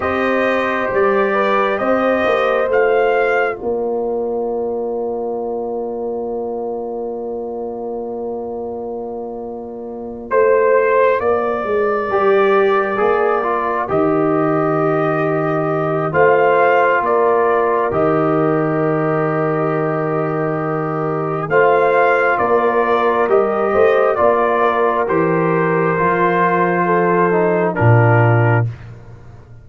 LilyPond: <<
  \new Staff \with { instrumentName = "trumpet" } { \time 4/4 \tempo 4 = 67 dis''4 d''4 dis''4 f''4 | d''1~ | d''2.~ d''8 c''8~ | c''8 d''2. dis''8~ |
dis''2 f''4 d''4 | dis''1 | f''4 d''4 dis''4 d''4 | c''2. ais'4 | }
  \new Staff \with { instrumentName = "horn" } { \time 4/4 c''4. b'8 c''2 | ais'1~ | ais'2.~ ais'8 c''8~ | c''8 ais'2.~ ais'8~ |
ais'2 c''4 ais'4~ | ais'1 | c''4 ais'4. c''8 d''8 ais'8~ | ais'2 a'4 f'4 | }
  \new Staff \with { instrumentName = "trombone" } { \time 4/4 g'2. f'4~ | f'1~ | f'1~ | f'4. g'4 gis'8 f'8 g'8~ |
g'2 f'2 | g'1 | f'2 g'4 f'4 | g'4 f'4. dis'8 d'4 | }
  \new Staff \with { instrumentName = "tuba" } { \time 4/4 c'4 g4 c'8 ais8 a4 | ais1~ | ais2.~ ais8 a8~ | a8 ais8 gis8 g4 ais4 dis8~ |
dis2 a4 ais4 | dis1 | a4 ais4 g8 a8 ais4 | e4 f2 ais,4 | }
>>